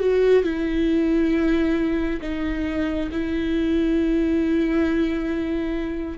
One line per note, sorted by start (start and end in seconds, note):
0.00 0.44 F#4
0.44 2.21 E4
2.22 3.10 D#4
3.12 6.18 E4